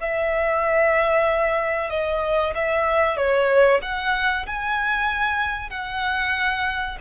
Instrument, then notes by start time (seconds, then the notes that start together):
violin
0.00 E5
1.90 D#5
2.55 E5
3.17 C#5
3.82 F#5
4.46 G#5
5.70 F#5